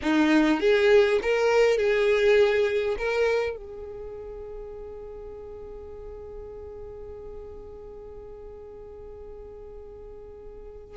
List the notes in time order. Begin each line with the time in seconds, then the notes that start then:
0.02 D#4
0.60 G#4
1.22 A#4
1.77 G#4
2.98 A#4
3.56 G#4